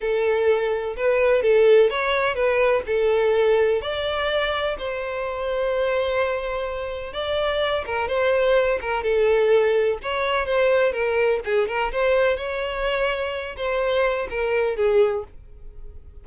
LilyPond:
\new Staff \with { instrumentName = "violin" } { \time 4/4 \tempo 4 = 126 a'2 b'4 a'4 | cis''4 b'4 a'2 | d''2 c''2~ | c''2. d''4~ |
d''8 ais'8 c''4. ais'8 a'4~ | a'4 cis''4 c''4 ais'4 | gis'8 ais'8 c''4 cis''2~ | cis''8 c''4. ais'4 gis'4 | }